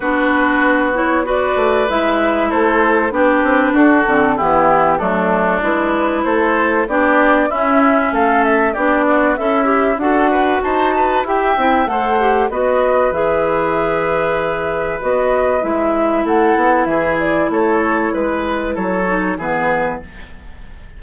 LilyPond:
<<
  \new Staff \with { instrumentName = "flute" } { \time 4/4 \tempo 4 = 96 b'4. cis''8 d''4 e''4 | c''4 b'4 a'4 g'4 | a'4 b'4 c''4 d''4 | e''4 f''8 e''8 d''4 e''4 |
fis''4 a''4 g''4 fis''4 | dis''4 e''2. | dis''4 e''4 fis''4 e''8 d''8 | cis''4 b'4 cis''4 b'4 | }
  \new Staff \with { instrumentName = "oboe" } { \time 4/4 fis'2 b'2 | a'4 g'4 fis'4 e'4 | d'2 a'4 g'4 | e'4 a'4 g'8 fis'8 e'4 |
a'8 b'8 c''8 b'8 e''4 c''4 | b'1~ | b'2 a'4 gis'4 | a'4 b'4 a'4 gis'4 | }
  \new Staff \with { instrumentName = "clarinet" } { \time 4/4 d'4. e'8 fis'4 e'4~ | e'4 d'4. c'8 b4 | a4 e'2 d'4 | cis'2 d'4 a'8 g'8 |
fis'2 g'8 e'8 a'8 g'8 | fis'4 gis'2. | fis'4 e'2.~ | e'2~ e'8 dis'8 b4 | }
  \new Staff \with { instrumentName = "bassoon" } { \time 4/4 b2~ b8 a8 gis4 | a4 b8 c'8 d'8 d8 e4 | fis4 gis4 a4 b4 | cis'4 a4 b4 cis'4 |
d'4 dis'4 e'8 c'8 a4 | b4 e2. | b4 gis4 a8 b8 e4 | a4 gis4 fis4 e4 | }
>>